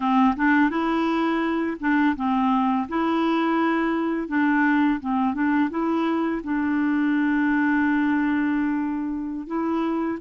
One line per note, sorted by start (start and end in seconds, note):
0.00 0.34 C4
0.36 0.69 D4
0.69 1.77 E4
1.80 2.15 D4
2.16 2.87 C4
2.88 4.28 E4
4.28 4.99 D4
4.99 5.34 C4
5.34 5.69 D4
5.69 6.41 E4
6.43 9.46 D4
9.46 10.18 E4